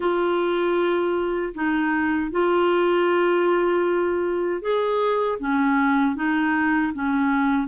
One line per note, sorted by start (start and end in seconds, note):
0.00 1.53 F4
1.54 2.31 D#4
2.31 4.61 F4
4.61 5.38 G#4
5.39 6.15 C#4
6.15 6.92 D#4
6.93 7.67 C#4